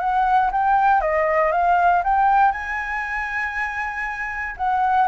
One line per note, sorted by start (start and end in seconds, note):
0.00 0.51 F#5
0.52 1.01 G5
1.01 1.52 D#5
1.52 2.03 F5
2.04 2.52 G5
2.52 4.56 G#5
4.57 5.08 F#5